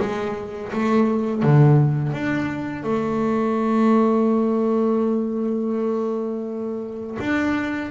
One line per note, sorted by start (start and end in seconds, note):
0.00 0.72 G#3
0.73 1.43 A3
1.43 2.13 D3
2.13 2.84 D4
2.84 7.17 A3
7.19 7.91 D4